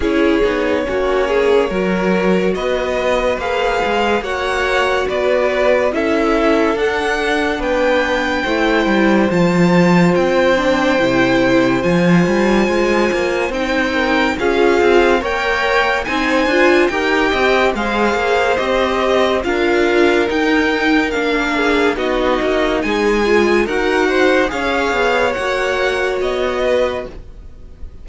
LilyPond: <<
  \new Staff \with { instrumentName = "violin" } { \time 4/4 \tempo 4 = 71 cis''2. dis''4 | f''4 fis''4 d''4 e''4 | fis''4 g''2 a''4 | g''2 gis''2 |
g''4 f''4 g''4 gis''4 | g''4 f''4 dis''4 f''4 | g''4 f''4 dis''4 gis''4 | fis''4 f''4 fis''4 dis''4 | }
  \new Staff \with { instrumentName = "violin" } { \time 4/4 gis'4 fis'8 gis'8 ais'4 b'4~ | b'4 cis''4 b'4 a'4~ | a'4 b'4 c''2~ | c''1~ |
c''8 ais'8 gis'4 cis''4 c''4 | ais'8 dis''8 c''2 ais'4~ | ais'4. gis'8 fis'4 gis'4 | ais'8 c''8 cis''2~ cis''8 b'8 | }
  \new Staff \with { instrumentName = "viola" } { \time 4/4 e'8 dis'8 cis'4 fis'2 | gis'4 fis'2 e'4 | d'2 e'4 f'4~ | f'8 d'8 e'4 f'2 |
dis'4 f'4 ais'4 dis'8 f'8 | g'4 gis'4 g'4 f'4 | dis'4 d'4 dis'4. f'8 | fis'4 gis'4 fis'2 | }
  \new Staff \with { instrumentName = "cello" } { \time 4/4 cis'8 b8 ais4 fis4 b4 | ais8 gis8 ais4 b4 cis'4 | d'4 b4 a8 g8 f4 | c'4 c4 f8 g8 gis8 ais8 |
c'4 cis'8 c'8 ais4 c'8 d'8 | dis'8 c'8 gis8 ais8 c'4 d'4 | dis'4 ais4 b8 ais8 gis4 | dis'4 cis'8 b8 ais4 b4 | }
>>